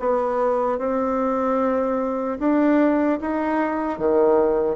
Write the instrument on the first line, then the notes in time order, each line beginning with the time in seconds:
bassoon
0.00 B3
0.79 C4
2.39 D4
3.21 D#4
3.99 D#3